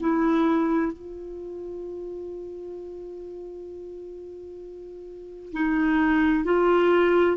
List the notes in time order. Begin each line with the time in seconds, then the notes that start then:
0.00 E4
0.92 F4
5.52 D#4
6.44 F4